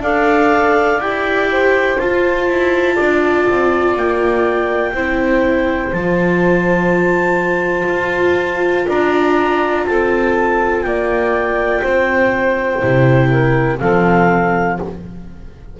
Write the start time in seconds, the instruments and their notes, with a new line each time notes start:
0.00 double bass D4, viola A4, saxophone D5, clarinet F5
0.98 double bass E4, viola G4, clarinet G5
1.51 saxophone C5
1.98 viola F4, double bass F4, clarinet A5
2.48 double bass E4
2.94 double bass D4, saxophone D5
3.48 double bass C4
3.96 double bass A#3, clarinet G5
4.93 double bass C4, viola E4, saxophone C5
5.92 double bass F3, viola F4, clarinet A5
7.88 double bass F4
8.87 double bass D4, saxophone D5, clarinet A#5
9.86 double bass C4, saxophone A4, clarinet A5
10.82 double bass A#3, saxophone D5, clarinet G5
11.82 double bass C4, saxophone C5
12.80 double bass C3, viola E4
13.29 saxophone A#4
13.79 double bass F3, viola C4, saxophone A4, clarinet F5